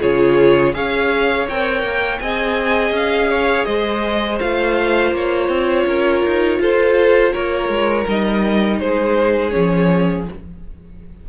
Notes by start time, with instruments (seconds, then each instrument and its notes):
0.00 cello C#3, viola F4, violin G#4 C#5
0.74 cello C#4, viola G#4, violin C#5 F5
1.49 cello C4, viola A#4, violin G5
1.82 cello A#3
2.20 cello C4, viola G#4, violin D#5 G#5
2.91 cello C#4, violin F5
3.30 violin C#5
3.65 cello G#3, violin C5 D#5
4.39 cello A3, viola F4, violin F5
5.12 cello A#3, violin C#5
5.48 cello C4
5.86 cello C#4, violin A#4
6.25 cello D#4
6.59 cello F4, violin A4 C5
7.32 cello A#3, violin A#4 C#5
7.69 cello G#3
8.07 cello G3, viola D#4, violin D#5
8.79 cello G#3, violin G#4 C5
9.50 cello F3, viola C#4, violin C#5